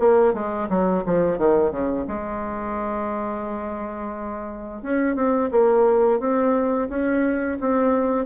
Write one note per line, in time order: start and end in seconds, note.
0.00 0.34 A#3
0.34 0.68 G#3
0.69 1.04 F#3
1.06 1.38 F3
1.38 1.71 D#3
1.71 2.06 C#3
2.08 4.83 G#3
4.83 5.16 C#4
5.16 5.50 C4
5.51 6.20 A#3
6.20 6.89 C4
6.89 7.58 C#4
7.61 8.26 C4